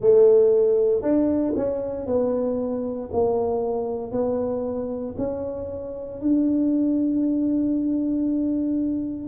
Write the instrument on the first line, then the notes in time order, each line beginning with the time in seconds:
tuba
0.00 A3
1.02 D4
1.56 C#4
2.06 B3
3.12 A#3
4.11 B3
5.17 C#4
6.21 D4